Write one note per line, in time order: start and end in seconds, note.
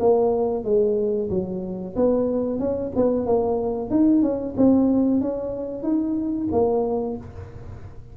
0.00 0.65 A#3
0.65 1.30 G#3
1.30 1.95 F#3
1.96 2.60 B3
2.60 2.92 C#4
2.96 3.27 B3
3.27 3.91 A#3
3.91 4.22 D#4
4.22 4.55 C#4
4.57 5.21 C4
5.21 5.83 C#4
5.83 6.49 D#4
6.52 7.18 A#3